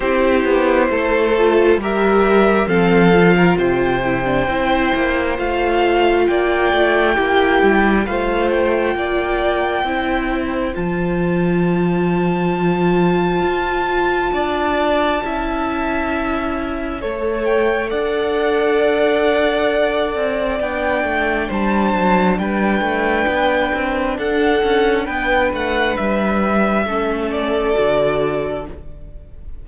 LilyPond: <<
  \new Staff \with { instrumentName = "violin" } { \time 4/4 \tempo 4 = 67 c''2 e''4 f''4 | g''2 f''4 g''4~ | g''4 f''8 g''2~ g''8 | a''1~ |
a''2.~ a''8 g''8 | fis''2. g''4 | a''4 g''2 fis''4 | g''8 fis''8 e''4. d''4. | }
  \new Staff \with { instrumentName = "violin" } { \time 4/4 g'4 a'4 ais'4 a'8. ais'16 | c''2. d''4 | g'4 c''4 d''4 c''4~ | c''1 |
d''4 e''2 cis''4 | d''1 | c''4 b'2 a'4 | b'2 a'2 | }
  \new Staff \with { instrumentName = "viola" } { \time 4/4 e'4. f'8 g'4 c'8 f'8~ | f'8 e'16 d'16 e'4 f'2 | e'4 f'2 e'4 | f'1~ |
f'4 e'2 a'4~ | a'2. d'4~ | d'1~ | d'2 cis'4 fis'4 | }
  \new Staff \with { instrumentName = "cello" } { \time 4/4 c'8 b8 a4 g4 f4 | c4 c'8 ais8 a4 ais8 a8 | ais8 g8 a4 ais4 c'4 | f2. f'4 |
d'4 cis'2 a4 | d'2~ d'8 c'8 b8 a8 | g8 fis8 g8 a8 b8 c'8 d'8 cis'8 | b8 a8 g4 a4 d4 | }
>>